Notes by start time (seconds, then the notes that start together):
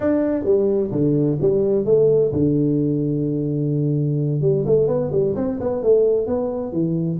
0.00 D4
0.44 G3
0.91 D3
1.41 G3
1.85 A3
2.32 D3
4.41 G3
4.66 A3
4.87 B3
5.11 G3
5.35 C4
5.60 B3
5.82 A3
6.27 B3
6.72 E3